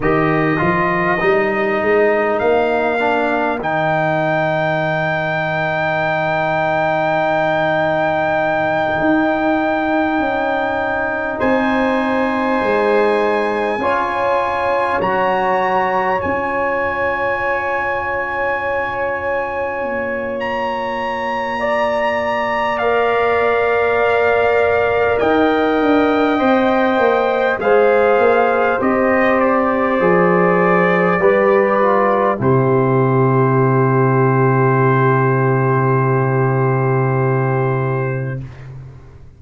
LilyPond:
<<
  \new Staff \with { instrumentName = "trumpet" } { \time 4/4 \tempo 4 = 50 dis''2 f''4 g''4~ | g''1~ | g''4. gis''2~ gis''8~ | gis''8 ais''4 gis''2~ gis''8~ |
gis''4 ais''2 f''4~ | f''4 g''2 f''4 | dis''8 d''2~ d''8 c''4~ | c''1 | }
  \new Staff \with { instrumentName = "horn" } { \time 4/4 ais'1~ | ais'1~ | ais'4. c''2 cis''8~ | cis''1~ |
cis''2 d''2~ | d''4 dis''2 c''4~ | c''2 b'4 g'4~ | g'1 | }
  \new Staff \with { instrumentName = "trombone" } { \time 4/4 g'8 f'8 dis'4. d'8 dis'4~ | dis'1~ | dis'2.~ dis'8 f'8~ | f'8 fis'4 f'2~ f'8~ |
f'2. ais'4~ | ais'2 c''4 gis'4 | g'4 gis'4 g'8 f'8 e'4~ | e'1 | }
  \new Staff \with { instrumentName = "tuba" } { \time 4/4 dis8 f8 g8 gis8 ais4 dis4~ | dis2.~ dis8 dis'8~ | dis'8 cis'4 c'4 gis4 cis'8~ | cis'8 fis4 cis'2~ cis'8~ |
cis'8 ais2.~ ais8~ | ais4 dis'8 d'8 c'8 ais8 gis8 ais8 | c'4 f4 g4 c4~ | c1 | }
>>